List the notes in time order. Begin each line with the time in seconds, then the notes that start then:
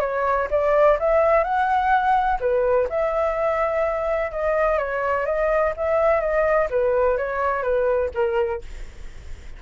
0.00 C#5
0.50 D5
0.99 E5
1.44 F#5
2.40 B4
2.89 E5
4.31 D#5
4.78 C#5
5.26 D#5
5.77 E5
6.20 D#5
6.70 B4
7.17 C#5
7.63 B4
8.14 A#4